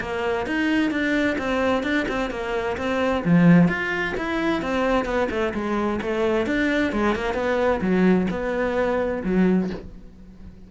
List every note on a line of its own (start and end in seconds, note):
0.00 0.46 A#3
0.46 0.90 D#4
0.90 1.37 D4
1.38 1.83 C4
1.83 2.06 D4
2.08 2.30 C4
2.30 2.77 A#3
2.77 3.23 C4
3.25 3.68 F3
3.68 4.14 F4
4.17 4.62 E4
4.62 5.05 C4
5.05 5.28 B3
5.30 5.53 A3
5.54 6.00 G#3
6.01 6.46 A3
6.46 6.92 D4
6.92 7.15 G#3
7.15 7.34 A#3
7.34 7.80 B3
7.81 8.27 F#3
8.30 9.22 B3
9.23 9.70 F#3